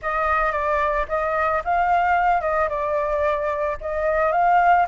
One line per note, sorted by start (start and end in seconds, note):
0.01 0.51 D#5
0.51 1.05 D5
1.08 1.62 D#5
1.64 2.41 F5
2.41 2.68 D#5
2.69 3.77 D5
3.80 4.32 D#5
4.32 4.86 F5